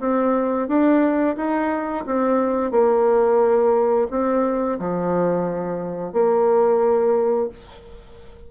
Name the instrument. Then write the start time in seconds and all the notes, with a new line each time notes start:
bassoon
0.00 C4
0.68 D4
1.37 D#4
2.06 C4
2.71 A#3
4.11 C4
4.79 F3
6.13 A#3